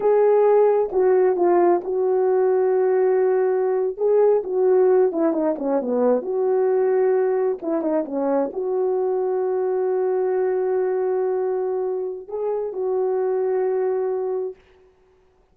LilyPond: \new Staff \with { instrumentName = "horn" } { \time 4/4 \tempo 4 = 132 gis'2 fis'4 f'4 | fis'1~ | fis'8. gis'4 fis'4. e'8 dis'16~ | dis'16 cis'8 b4 fis'2~ fis'16~ |
fis'8. e'8 dis'8 cis'4 fis'4~ fis'16~ | fis'1~ | fis'2. gis'4 | fis'1 | }